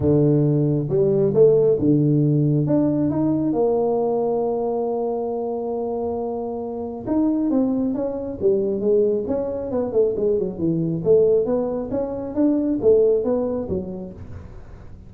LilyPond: \new Staff \with { instrumentName = "tuba" } { \time 4/4 \tempo 4 = 136 d2 g4 a4 | d2 d'4 dis'4 | ais1~ | ais1 |
dis'4 c'4 cis'4 g4 | gis4 cis'4 b8 a8 gis8 fis8 | e4 a4 b4 cis'4 | d'4 a4 b4 fis4 | }